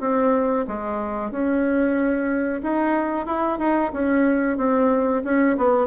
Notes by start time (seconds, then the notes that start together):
0.00 C4
0.67 G#3
1.30 C#4
2.62 D#4
3.26 E4
3.58 D#4
3.92 C#4
4.57 C4
5.24 C#4
5.57 B3